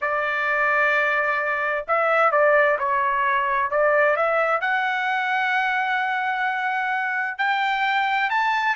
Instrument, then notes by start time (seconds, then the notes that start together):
trumpet
0.01 D5
1.87 E5
2.31 D5
2.78 C#5
3.70 D5
4.16 E5
4.60 F#5
7.38 G5
8.30 A5